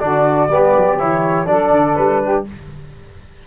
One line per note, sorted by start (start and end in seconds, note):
0.00 0.49 D3
0.00 0.50 D4
0.00 0.49 F#4
0.00 0.98 D5
0.49 0.73 G3
0.49 0.99 B3
0.49 1.48 G4
0.77 1.01 F#3
0.99 1.47 E3
0.99 1.46 E4
0.99 1.47 C#5
1.46 1.71 F#3
1.46 2.45 D4
1.46 2.23 A4
1.46 1.95 D5
1.71 1.96 D3
1.95 2.47 G3
1.95 2.45 B4
2.23 2.47 G4